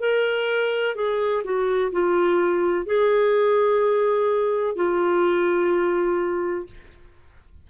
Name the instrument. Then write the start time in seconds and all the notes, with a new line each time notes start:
clarinet
0.00 A#4
0.95 G#4
1.44 F#4
1.92 F4
2.86 G#4
4.76 F4